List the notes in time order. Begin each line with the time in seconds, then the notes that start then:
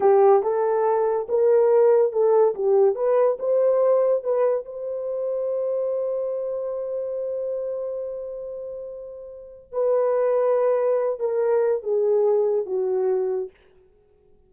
0.00 G4
0.42 A4
1.28 A#4
2.12 A4
2.54 G4
2.95 B4
3.39 C5
4.23 B4
4.65 C5
9.72 B4
11.19 A#4
11.83 G#4
12.65 F#4